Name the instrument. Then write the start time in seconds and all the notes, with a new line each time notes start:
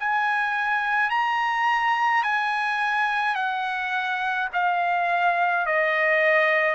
trumpet
0.00 G#5
1.11 A#5
2.24 G#5
3.36 F#5
4.54 F5
5.66 D#5